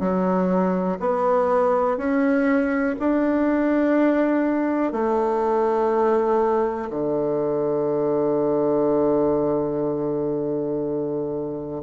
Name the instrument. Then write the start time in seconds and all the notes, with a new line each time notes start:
bassoon
0.00 F#3
1.00 B3
1.98 C#4
3.00 D4
4.93 A3
6.90 D3